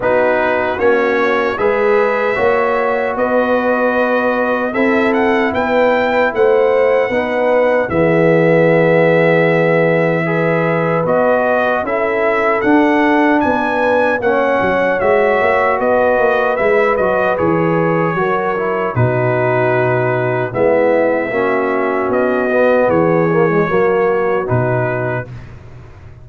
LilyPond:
<<
  \new Staff \with { instrumentName = "trumpet" } { \time 4/4 \tempo 4 = 76 b'4 cis''4 e''2 | dis''2 e''8 fis''8 g''4 | fis''2 e''2~ | e''2 dis''4 e''4 |
fis''4 gis''4 fis''4 e''4 | dis''4 e''8 dis''8 cis''2 | b'2 e''2 | dis''4 cis''2 b'4 | }
  \new Staff \with { instrumentName = "horn" } { \time 4/4 fis'2 b'4 cis''4 | b'2 a'4 b'4 | c''4 b'4 gis'2~ | gis'4 b'2 a'4~ |
a'4 b'4 cis''2 | b'2. ais'4 | fis'2 e'4 fis'4~ | fis'4 gis'4 fis'2 | }
  \new Staff \with { instrumentName = "trombone" } { \time 4/4 dis'4 cis'4 gis'4 fis'4~ | fis'2 e'2~ | e'4 dis'4 b2~ | b4 gis'4 fis'4 e'4 |
d'2 cis'4 fis'4~ | fis'4 e'8 fis'8 gis'4 fis'8 e'8 | dis'2 b4 cis'4~ | cis'8 b4 ais16 gis16 ais4 dis'4 | }
  \new Staff \with { instrumentName = "tuba" } { \time 4/4 b4 ais4 gis4 ais4 | b2 c'4 b4 | a4 b4 e2~ | e2 b4 cis'4 |
d'4 b4 ais8 fis8 gis8 ais8 | b8 ais8 gis8 fis8 e4 fis4 | b,2 gis4 ais4 | b4 e4 fis4 b,4 | }
>>